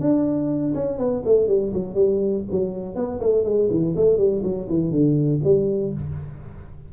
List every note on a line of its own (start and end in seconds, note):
0.00 0.74 D4
0.74 0.98 C#4
0.98 1.23 B3
1.25 1.47 A3
1.47 1.72 G3
1.73 1.94 F#3
1.94 2.43 G3
2.51 2.95 F#3
2.95 3.20 B3
3.20 3.44 A3
3.44 3.69 G#3
3.70 3.95 E3
3.96 4.17 A3
4.17 4.42 G3
4.43 4.67 F#3
4.69 4.91 E3
4.91 5.40 D3
5.44 5.93 G3